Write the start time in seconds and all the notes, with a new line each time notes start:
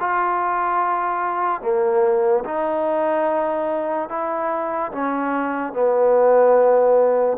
0.00 F4
1.62 A#3
2.45 D#4
4.09 E4
4.92 C#4
5.73 B3